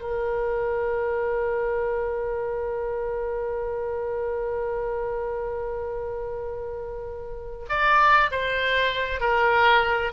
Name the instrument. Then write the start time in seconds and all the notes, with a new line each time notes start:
oboe
0.00 A#4
7.69 D5
8.31 C5
9.20 A#4